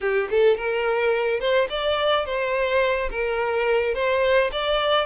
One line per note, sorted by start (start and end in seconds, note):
0.01 0.29 G4
0.30 0.57 A4
0.57 1.39 A#4
1.39 1.67 C5
1.69 2.25 D5
2.25 3.09 C5
3.10 3.94 A#4
3.94 4.50 C5
4.52 5.06 D5